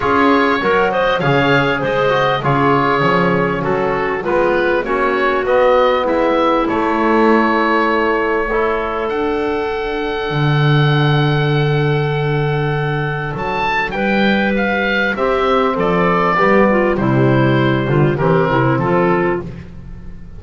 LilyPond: <<
  \new Staff \with { instrumentName = "oboe" } { \time 4/4 \tempo 4 = 99 cis''4. dis''8 f''4 dis''4 | cis''2 a'4 b'4 | cis''4 dis''4 e''4 cis''4~ | cis''2. fis''4~ |
fis''1~ | fis''2 a''4 g''4 | f''4 e''4 d''2 | c''2 ais'4 a'4 | }
  \new Staff \with { instrumentName = "clarinet" } { \time 4/4 gis'4 ais'8 c''8 cis''4 c''4 | gis'2 fis'4 f'4 | fis'2 e'2~ | e'2 a'2~ |
a'1~ | a'2. b'4~ | b'4 g'4 a'4 g'8 f'8 | e'4. f'8 g'8 e'8 f'4 | }
  \new Staff \with { instrumentName = "trombone" } { \time 4/4 f'4 fis'4 gis'4. fis'8 | f'4 cis'2 b4 | cis'4 b2 a4~ | a2 e'4 d'4~ |
d'1~ | d'1~ | d'4 c'2 b4 | g2 c'2 | }
  \new Staff \with { instrumentName = "double bass" } { \time 4/4 cis'4 fis4 cis4 gis4 | cis4 f4 fis4 gis4 | ais4 b4 gis4 a4~ | a2. d'4~ |
d'4 d2.~ | d2 fis4 g4~ | g4 c'4 f4 g4 | c4. d8 e8 c8 f4 | }
>>